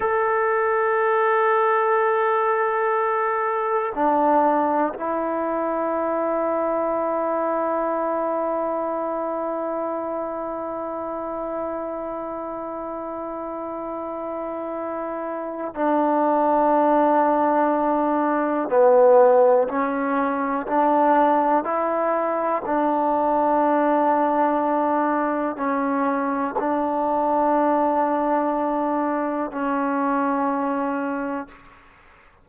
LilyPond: \new Staff \with { instrumentName = "trombone" } { \time 4/4 \tempo 4 = 61 a'1 | d'4 e'2.~ | e'1~ | e'1 |
d'2. b4 | cis'4 d'4 e'4 d'4~ | d'2 cis'4 d'4~ | d'2 cis'2 | }